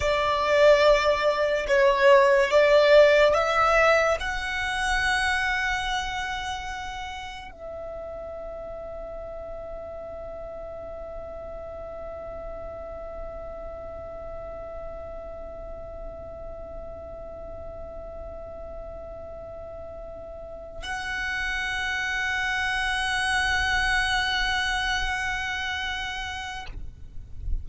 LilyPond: \new Staff \with { instrumentName = "violin" } { \time 4/4 \tempo 4 = 72 d''2 cis''4 d''4 | e''4 fis''2.~ | fis''4 e''2.~ | e''1~ |
e''1~ | e''1~ | e''4 fis''2.~ | fis''1 | }